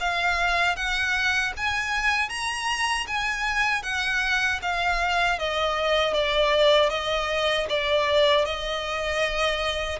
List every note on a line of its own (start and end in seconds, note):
0.00 0.76 F5
0.76 1.53 F#5
1.57 2.29 G#5
2.29 3.06 A#5
3.07 3.83 G#5
3.83 4.60 F#5
4.62 5.39 F5
5.39 6.14 D#5
6.14 6.90 D5
6.90 7.67 D#5
7.69 8.45 D5
8.45 9.99 D#5